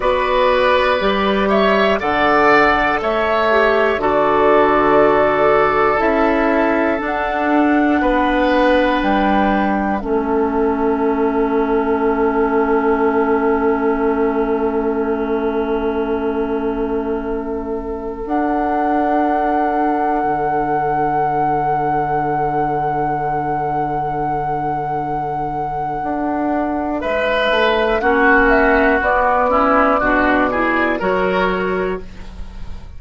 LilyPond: <<
  \new Staff \with { instrumentName = "flute" } { \time 4/4 \tempo 4 = 60 d''4. e''8 fis''4 e''4 | d''2 e''4 fis''4~ | fis''4 g''4 e''2~ | e''1~ |
e''2~ e''16 fis''4.~ fis''16~ | fis''1~ | fis''2. e''4 | fis''8 e''8 d''2 cis''4 | }
  \new Staff \with { instrumentName = "oboe" } { \time 4/4 b'4. cis''8 d''4 cis''4 | a'1 | b'2 a'2~ | a'1~ |
a'1~ | a'1~ | a'2. b'4 | fis'4. e'8 fis'8 gis'8 ais'4 | }
  \new Staff \with { instrumentName = "clarinet" } { \time 4/4 fis'4 g'4 a'4. g'8 | fis'2 e'4 d'4~ | d'2 cis'2~ | cis'1~ |
cis'2~ cis'16 d'4.~ d'16~ | d'1~ | d'1 | cis'4 b8 cis'8 d'8 e'8 fis'4 | }
  \new Staff \with { instrumentName = "bassoon" } { \time 4/4 b4 g4 d4 a4 | d2 cis'4 d'4 | b4 g4 a2~ | a1~ |
a2~ a16 d'4.~ d'16~ | d'16 d2.~ d8.~ | d2 d'4 gis8 a8 | ais4 b4 b,4 fis4 | }
>>